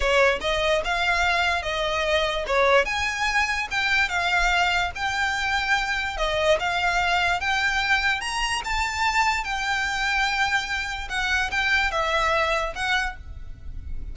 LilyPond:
\new Staff \with { instrumentName = "violin" } { \time 4/4 \tempo 4 = 146 cis''4 dis''4 f''2 | dis''2 cis''4 gis''4~ | gis''4 g''4 f''2 | g''2. dis''4 |
f''2 g''2 | ais''4 a''2 g''4~ | g''2. fis''4 | g''4 e''2 fis''4 | }